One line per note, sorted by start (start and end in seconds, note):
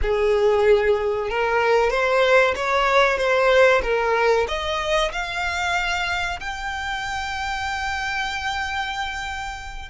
0.02 1.29 G#4
1.29 1.90 A#4
1.90 2.54 C5
2.55 3.17 C#5
3.17 3.81 C5
3.82 4.46 A#4
4.47 5.11 D#5
5.12 6.39 F5
6.40 9.89 G5